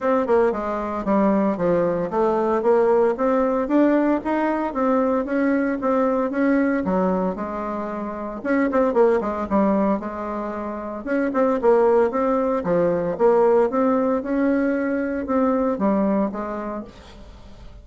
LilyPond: \new Staff \with { instrumentName = "bassoon" } { \time 4/4 \tempo 4 = 114 c'8 ais8 gis4 g4 f4 | a4 ais4 c'4 d'4 | dis'4 c'4 cis'4 c'4 | cis'4 fis4 gis2 |
cis'8 c'8 ais8 gis8 g4 gis4~ | gis4 cis'8 c'8 ais4 c'4 | f4 ais4 c'4 cis'4~ | cis'4 c'4 g4 gis4 | }